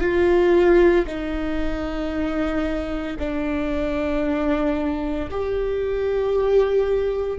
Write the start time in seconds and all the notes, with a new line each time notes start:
0.00 F4
1.06 D#4
3.19 D4
5.30 G4